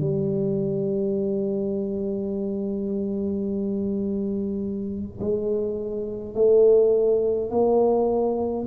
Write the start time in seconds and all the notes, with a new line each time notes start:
0.00 G3
5.20 G#3
6.35 A3
7.51 A#3